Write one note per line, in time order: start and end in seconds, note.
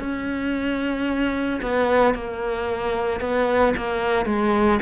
0.00 1.61 C#4
1.63 2.15 B3
2.15 3.21 A#3
3.21 3.75 B3
3.77 4.26 A#3
4.26 4.80 G#3